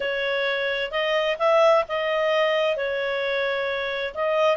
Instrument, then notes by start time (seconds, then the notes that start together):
clarinet
0.00 C#5
0.91 D#5
1.38 E5
1.88 D#5
2.76 C#5
4.14 D#5